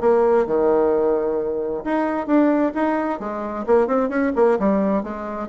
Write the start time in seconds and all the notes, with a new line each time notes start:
0.00 A#3
0.46 D#3
1.84 D#4
2.26 D4
2.74 D#4
3.19 G#3
3.66 A#3
3.87 C4
4.09 C#4
4.35 A#3
4.59 G3
5.03 G#3